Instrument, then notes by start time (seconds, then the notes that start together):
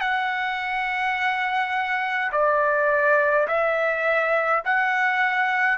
trumpet
0.00 F#5
2.32 D5
3.47 E5
4.65 F#5